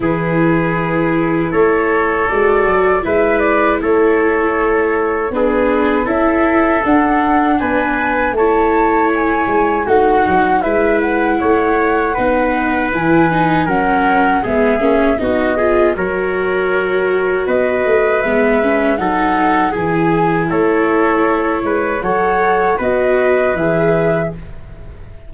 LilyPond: <<
  \new Staff \with { instrumentName = "flute" } { \time 4/4 \tempo 4 = 79 b'2 cis''4 d''4 | e''8 d''8 cis''2 b'4 | e''4 fis''4 gis''4 a''4 | gis''4 fis''4 e''8 fis''4.~ |
fis''4 gis''4 fis''4 e''4 | dis''4 cis''2 dis''4 | e''4 fis''4 gis''4 cis''4~ | cis''4 fis''4 dis''4 e''4 | }
  \new Staff \with { instrumentName = "trumpet" } { \time 4/4 gis'2 a'2 | b'4 a'2 gis'4 | a'2 b'4 cis''4~ | cis''4 fis'4 b'4 cis''4 |
b'2 ais'4 gis'4 | fis'8 gis'8 ais'2 b'4~ | b'4 a'4 gis'4 a'4~ | a'8 b'8 cis''4 b'2 | }
  \new Staff \with { instrumentName = "viola" } { \time 4/4 e'2. fis'4 | e'2. d'4 | e'4 d'2 e'4~ | e'4 dis'4 e'2 |
dis'4 e'8 dis'8 cis'4 b8 cis'8 | dis'8 f'8 fis'2. | b8 cis'8 dis'4 e'2~ | e'4 a'4 fis'4 gis'4 | }
  \new Staff \with { instrumentName = "tuba" } { \time 4/4 e2 a4 gis8 fis8 | gis4 a2 b4 | cis'4 d'4 b4 a4~ | a8 gis8 a8 fis8 gis4 a4 |
b4 e4 fis4 gis8 ais8 | b4 fis2 b8 a8 | gis4 fis4 e4 a4~ | a8 gis8 fis4 b4 e4 | }
>>